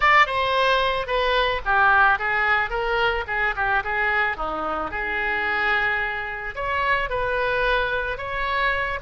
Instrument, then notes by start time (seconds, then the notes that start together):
oboe
0.00 D5
0.26 C5
1.06 B4
1.65 G4
2.18 G#4
2.70 A#4
3.27 G#4
3.56 G4
3.83 G#4
4.37 D#4
4.91 G#4
6.55 C#5
7.09 B4
8.17 C#5